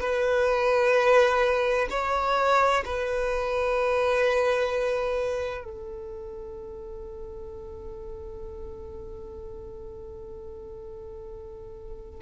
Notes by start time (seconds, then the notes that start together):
0.00 B4
1.90 C#5
2.85 B4
5.64 A4